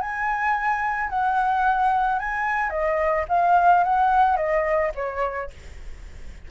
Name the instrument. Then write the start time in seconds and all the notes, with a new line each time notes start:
flute
0.00 G#5
1.10 F#5
2.19 G#5
2.70 D#5
3.29 F5
3.84 F#5
4.37 D#5
4.95 C#5